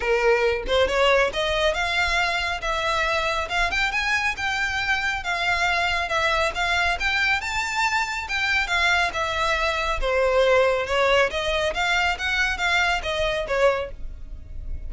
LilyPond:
\new Staff \with { instrumentName = "violin" } { \time 4/4 \tempo 4 = 138 ais'4. c''8 cis''4 dis''4 | f''2 e''2 | f''8 g''8 gis''4 g''2 | f''2 e''4 f''4 |
g''4 a''2 g''4 | f''4 e''2 c''4~ | c''4 cis''4 dis''4 f''4 | fis''4 f''4 dis''4 cis''4 | }